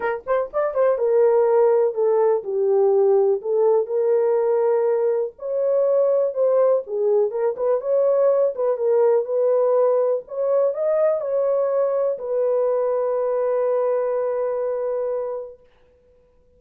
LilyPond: \new Staff \with { instrumentName = "horn" } { \time 4/4 \tempo 4 = 123 ais'8 c''8 d''8 c''8 ais'2 | a'4 g'2 a'4 | ais'2. cis''4~ | cis''4 c''4 gis'4 ais'8 b'8 |
cis''4. b'8 ais'4 b'4~ | b'4 cis''4 dis''4 cis''4~ | cis''4 b'2.~ | b'1 | }